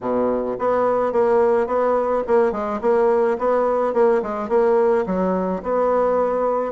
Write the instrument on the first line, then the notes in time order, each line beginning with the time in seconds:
bassoon
0.00 B2
0.58 B3
1.12 A#3
1.66 B3
2.27 A#3
2.52 G#3
2.81 A#3
3.38 B3
3.93 A#3
4.22 G#3
4.48 A#3
5.06 F#3
5.62 B3